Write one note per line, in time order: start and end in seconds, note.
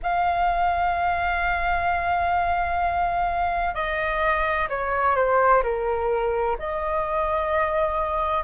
0.03 3.74 F5
3.74 4.68 D#5
4.69 5.15 C#5
5.15 5.62 C5
5.62 6.56 A#4
6.59 8.43 D#5